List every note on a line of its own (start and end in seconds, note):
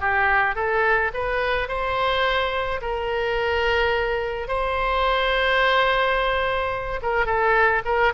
0.00 0.55 G4
0.55 1.11 A4
1.14 1.68 B4
1.68 2.80 C5
2.81 4.48 A#4
4.48 7.00 C5
7.02 7.26 A#4
7.26 7.82 A4
7.85 8.13 A#4